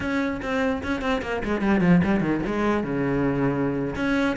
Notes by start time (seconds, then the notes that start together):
0.00 C#4
0.42 C4
0.83 C#4
1.01 C4
1.22 A#3
1.44 G#3
1.61 G3
1.80 F3
2.04 G3
2.20 D#3
2.45 G#3
2.83 C#3
3.95 C#4